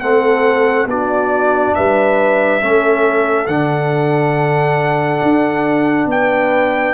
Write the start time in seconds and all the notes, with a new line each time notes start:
0.00 A3 C4 A4 F#5
0.85 B3 D4 F#4 D5
1.75 G3 B4 E5
2.61 A3 C#4 A4
3.47 D3 D4 F#5
5.22 D4
6.06 B3 B4 G5